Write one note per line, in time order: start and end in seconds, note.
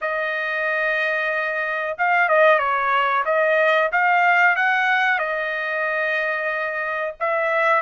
0.01 1.97 D#5
1.97 2.29 F5
2.29 2.58 D#5
2.58 3.23 C#5
3.25 3.90 D#5
3.92 4.56 F5
4.56 5.18 F#5
5.18 7.14 D#5
7.19 7.82 E5